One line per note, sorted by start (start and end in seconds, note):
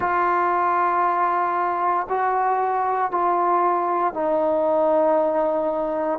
0.00 2.07 F4
2.09 3.11 F#4
3.11 4.13 F4
4.13 6.18 D#4